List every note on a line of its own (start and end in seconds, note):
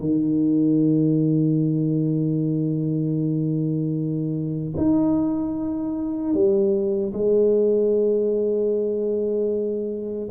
0.00 4.74 D#3
4.77 6.34 D#4
6.34 7.13 G3
7.13 10.29 G#3